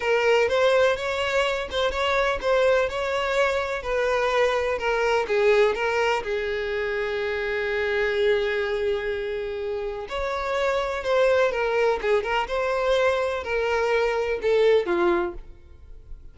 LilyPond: \new Staff \with { instrumentName = "violin" } { \time 4/4 \tempo 4 = 125 ais'4 c''4 cis''4. c''8 | cis''4 c''4 cis''2 | b'2 ais'4 gis'4 | ais'4 gis'2.~ |
gis'1~ | gis'4 cis''2 c''4 | ais'4 gis'8 ais'8 c''2 | ais'2 a'4 f'4 | }